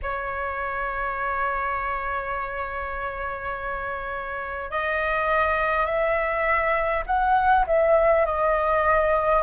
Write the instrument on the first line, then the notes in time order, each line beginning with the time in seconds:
flute
0.02 C#5
4.71 D#5
5.86 E5
7.06 F#5
7.66 E5
8.25 D#5